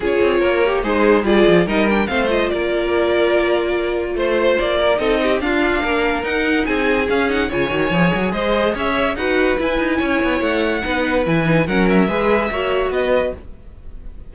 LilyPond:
<<
  \new Staff \with { instrumentName = "violin" } { \time 4/4 \tempo 4 = 144 cis''2 c''4 d''4 | dis''8 g''8 f''8 dis''8 d''2~ | d''2 c''4 d''4 | dis''4 f''2 fis''4 |
gis''4 f''8 fis''8 gis''2 | dis''4 e''4 fis''4 gis''4~ | gis''4 fis''2 gis''4 | fis''8 e''2~ e''8 dis''4 | }
  \new Staff \with { instrumentName = "violin" } { \time 4/4 gis'4 ais'4 dis'4 gis'4 | ais'4 c''4 ais'2~ | ais'2 c''4. ais'8 | a'8 g'8 f'4 ais'2 |
gis'2 cis''2 | c''4 cis''4 b'2 | cis''2 b'2 | ais'4 b'4 cis''4 b'4 | }
  \new Staff \with { instrumentName = "viola" } { \time 4/4 f'4. g'8 gis'4 f'4 | dis'8 d'8 c'8 f'2~ f'8~ | f'1 | dis'4 d'2 dis'4~ |
dis'4 cis'8 dis'8 f'8 fis'8 gis'4~ | gis'2 fis'4 e'4~ | e'2 dis'4 e'8 dis'8 | cis'4 gis'4 fis'2 | }
  \new Staff \with { instrumentName = "cello" } { \time 4/4 cis'8 c'8 ais4 gis4 g8 f8 | g4 a4 ais2~ | ais2 a4 ais4 | c'4 d'4 ais4 dis'4 |
c'4 cis'4 cis8 dis8 f8 fis8 | gis4 cis'4 dis'4 e'8 dis'8 | cis'8 b8 a4 b4 e4 | fis4 gis4 ais4 b4 | }
>>